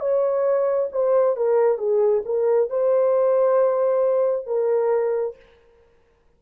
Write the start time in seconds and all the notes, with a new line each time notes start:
0.00 C#5
0.92 C5
1.36 A#4
1.78 G#4
2.26 A#4
2.69 C5
4.47 A#4